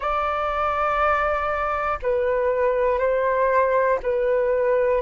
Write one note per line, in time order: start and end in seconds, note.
0.00 1.98 D5
2.02 2.99 B4
2.99 3.99 C5
4.03 5.01 B4